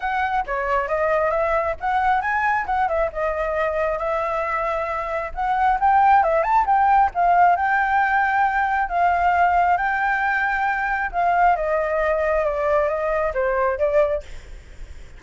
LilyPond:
\new Staff \with { instrumentName = "flute" } { \time 4/4 \tempo 4 = 135 fis''4 cis''4 dis''4 e''4 | fis''4 gis''4 fis''8 e''8 dis''4~ | dis''4 e''2. | fis''4 g''4 e''8 a''8 g''4 |
f''4 g''2. | f''2 g''2~ | g''4 f''4 dis''2 | d''4 dis''4 c''4 d''4 | }